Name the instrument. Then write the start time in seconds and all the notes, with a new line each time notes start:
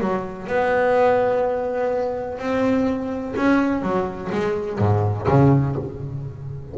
double bass
0.00 F#3
0.47 B3
2.39 C4
3.36 C#4
3.82 F#3
4.32 G#3
4.79 G#2
5.28 C#3